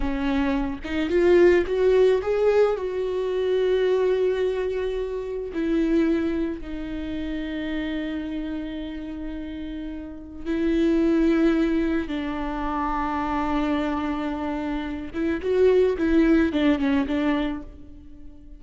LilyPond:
\new Staff \with { instrumentName = "viola" } { \time 4/4 \tempo 4 = 109 cis'4. dis'8 f'4 fis'4 | gis'4 fis'2.~ | fis'2 e'2 | dis'1~ |
dis'2. e'4~ | e'2 d'2~ | d'2.~ d'8 e'8 | fis'4 e'4 d'8 cis'8 d'4 | }